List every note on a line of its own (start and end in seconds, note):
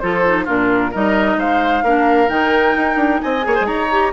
0.00 0.48 F3
0.00 0.25 F4
0.00 0.45 A4
0.00 0.46 C5
0.26 0.46 D#4
0.45 0.94 A#2
0.45 0.92 D4
0.45 0.90 F4
0.45 0.93 A#4
0.91 1.37 G3
0.91 1.85 D#4
0.91 1.37 A#4
0.91 1.40 D#5
1.37 1.83 G#3
1.37 1.84 C5
1.37 2.29 F5
1.83 2.29 A#3
1.83 2.28 D4
1.83 3.21 A#4
2.28 2.75 D#3
2.28 3.42 D#4
2.28 3.21 G5
2.77 2.96 D#4
2.96 3.19 D4
3.21 3.46 C4
3.21 3.46 D#5
3.21 3.67 G#5
3.42 3.58 A#3
3.42 3.87 G#4
3.42 3.54 C#5
3.54 3.66 C5
3.61 3.67 G#3
3.61 4.13 D#4
3.61 4.12 C#5
3.61 4.12 A#5
3.91 4.13 G4